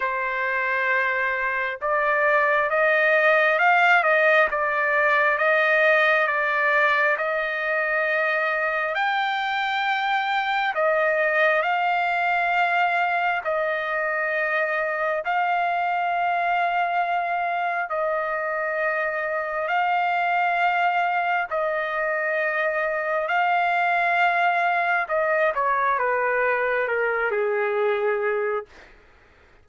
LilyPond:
\new Staff \with { instrumentName = "trumpet" } { \time 4/4 \tempo 4 = 67 c''2 d''4 dis''4 | f''8 dis''8 d''4 dis''4 d''4 | dis''2 g''2 | dis''4 f''2 dis''4~ |
dis''4 f''2. | dis''2 f''2 | dis''2 f''2 | dis''8 cis''8 b'4 ais'8 gis'4. | }